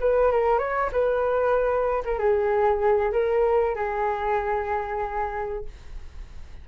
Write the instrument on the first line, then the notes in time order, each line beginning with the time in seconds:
flute
0.00 B4
0.31 A#4
0.58 C#5
0.92 B4
2.05 A#4
2.18 G#4
3.12 A#4
3.75 G#4